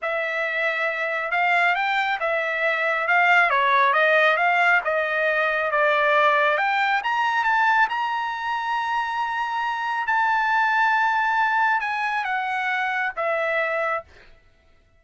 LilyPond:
\new Staff \with { instrumentName = "trumpet" } { \time 4/4 \tempo 4 = 137 e''2. f''4 | g''4 e''2 f''4 | cis''4 dis''4 f''4 dis''4~ | dis''4 d''2 g''4 |
ais''4 a''4 ais''2~ | ais''2. a''4~ | a''2. gis''4 | fis''2 e''2 | }